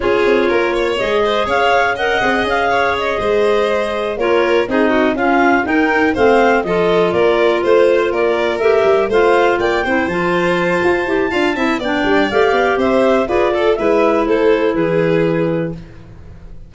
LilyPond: <<
  \new Staff \with { instrumentName = "clarinet" } { \time 4/4 \tempo 4 = 122 cis''2 dis''4 f''4 | fis''4 f''4 dis''2~ | dis''8 cis''4 dis''4 f''4 g''8~ | g''8 f''4 dis''4 d''4 c''8~ |
c''8 d''4 e''4 f''4 g''8~ | g''8 a''2.~ a''8 | g''4 f''4 e''4 d''4 | e''4 c''4 b'2 | }
  \new Staff \with { instrumentName = "violin" } { \time 4/4 gis'4 ais'8 cis''4 c''8 cis''4 | dis''4. cis''4 c''4.~ | c''8 ais'4 gis'8 fis'8 f'4 ais'8~ | ais'8 c''4 a'4 ais'4 c''8~ |
c''8 ais'2 c''4 d''8 | c''2. f''8 e''8 | d''2 c''4 b'8 a'8 | b'4 a'4 gis'2 | }
  \new Staff \with { instrumentName = "clarinet" } { \time 4/4 f'2 gis'2 | ais'8 gis'2.~ gis'8~ | gis'8 f'4 dis'4 cis'4 dis'8~ | dis'8 c'4 f'2~ f'8~ |
f'4. g'4 f'4. | e'8 f'2 g'8 f'8 e'8 | d'4 g'2 gis'8 a'8 | e'1 | }
  \new Staff \with { instrumentName = "tuba" } { \time 4/4 cis'8 c'8 ais4 gis4 cis'4~ | cis'8 c'8 cis'4. gis4.~ | gis8 ais4 c'4 cis'4 dis'8~ | dis'8 a4 f4 ais4 a8~ |
a8 ais4 a8 g8 a4 ais8 | c'8 f4. f'8 e'8 d'8 c'8 | b8 g8 a8 b8 c'4 f'4 | gis4 a4 e2 | }
>>